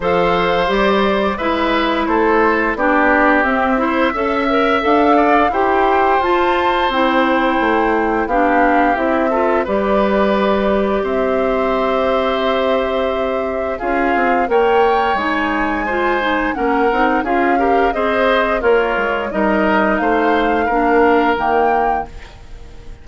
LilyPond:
<<
  \new Staff \with { instrumentName = "flute" } { \time 4/4 \tempo 4 = 87 f''4 d''4 e''4 c''4 | d''4 e''2 f''4 | g''4 a''4 g''2 | f''4 e''4 d''2 |
e''1 | f''4 g''4 gis''2 | fis''4 f''4 dis''4 cis''4 | dis''4 f''2 g''4 | }
  \new Staff \with { instrumentName = "oboe" } { \time 4/4 c''2 b'4 a'4 | g'4. c''8 e''4. d''8 | c''1 | g'4. a'8 b'2 |
c''1 | gis'4 cis''2 c''4 | ais'4 gis'8 ais'8 c''4 f'4 | ais'4 c''4 ais'2 | }
  \new Staff \with { instrumentName = "clarinet" } { \time 4/4 a'4 g'4 e'2 | d'4 c'8 e'8 a'8 ais'8 a'4 | g'4 f'4 e'2 | d'4 e'8 f'8 g'2~ |
g'1 | f'4 ais'4 dis'4 f'8 dis'8 | cis'8 dis'8 f'8 g'8 gis'4 ais'4 | dis'2 d'4 ais4 | }
  \new Staff \with { instrumentName = "bassoon" } { \time 4/4 f4 g4 gis4 a4 | b4 c'4 cis'4 d'4 | e'4 f'4 c'4 a4 | b4 c'4 g2 |
c'1 | cis'8 c'8 ais4 gis2 | ais8 c'8 cis'4 c'4 ais8 gis8 | g4 a4 ais4 dis4 | }
>>